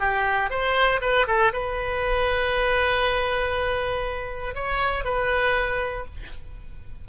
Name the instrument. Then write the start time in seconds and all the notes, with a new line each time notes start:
oboe
0.00 G4
0.50 C5
1.01 B4
1.28 A4
1.53 B4
4.55 C#5
5.05 B4